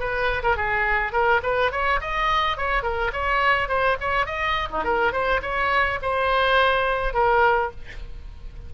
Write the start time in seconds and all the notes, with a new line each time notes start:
0.00 B4
0.43 A#4
0.57 G#4
1.13 A#4
1.43 B4
1.72 C#5
2.01 D#5
2.58 C#5
2.83 A#4
3.13 C#5
3.69 C5
4.01 C#5
4.26 D#5
4.71 D#4
4.84 A#4
5.13 C5
5.43 C#5
6.02 C5
7.14 A#4